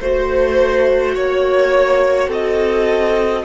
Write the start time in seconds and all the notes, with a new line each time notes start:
0.00 A3 F#4 C5
1.14 A#3 C#5
2.27 C4 A4 D#5